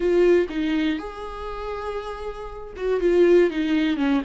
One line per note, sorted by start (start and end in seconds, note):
0.00 0.47 F4
0.49 0.98 D#4
0.98 2.73 G#4
2.76 3.00 F#4
3.00 3.50 F4
3.50 3.96 D#4
3.96 4.21 C#4